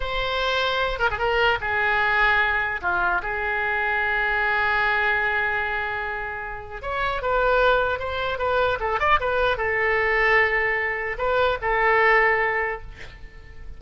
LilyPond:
\new Staff \with { instrumentName = "oboe" } { \time 4/4 \tempo 4 = 150 c''2~ c''8 ais'16 gis'16 ais'4 | gis'2. f'4 | gis'1~ | gis'1~ |
gis'4 cis''4 b'2 | c''4 b'4 a'8 d''8 b'4 | a'1 | b'4 a'2. | }